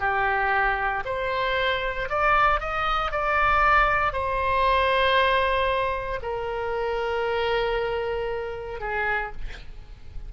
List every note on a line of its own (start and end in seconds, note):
0.00 1.03 G4
1.05 2.09 C5
2.10 2.61 D5
2.61 3.12 D#5
3.12 4.13 D5
4.13 6.20 C5
6.22 8.80 A#4
8.80 9.32 G#4